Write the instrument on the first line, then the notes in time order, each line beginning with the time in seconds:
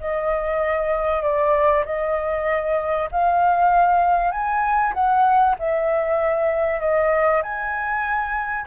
flute
0.00 D#5
1.23 D5
1.86 D#5
3.12 F5
4.31 G#5
4.94 F#5
5.59 E5
6.80 D#5
7.43 G#5